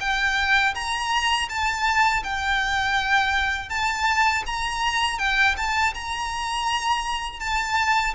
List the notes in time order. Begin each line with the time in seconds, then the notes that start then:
0.00 G5
0.74 A#5
1.48 A5
2.23 G5
3.69 A5
4.46 A#5
5.18 G5
5.57 A5
5.94 A#5
7.40 A5